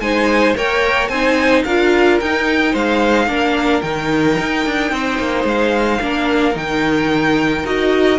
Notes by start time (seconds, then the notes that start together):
0.00 G#3 D#4 C5 G#5
0.55 A#3 A#4 C#5 G5
1.08 C4 D#4 C5 G#5
1.64 D4 F4 A#4 F5
2.21 D#4 G5
2.72 G#3 C5 F5
3.27 A#3 D4 A#4
3.81 D#3 D#4 G5
4.39 D#4
4.66 D4
4.92 C4 C5
5.19 A#3
5.44 G#3 F5
6.01 A#3 D4 A#4
6.54 D#3 D#4 G5
7.65 D#4 F#4 D#5